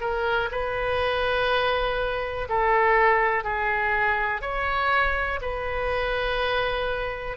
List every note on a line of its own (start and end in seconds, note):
0.00 0.49 A#4
0.51 2.48 B4
2.49 3.44 A4
3.44 4.41 G#4
4.41 5.40 C#5
5.41 7.37 B4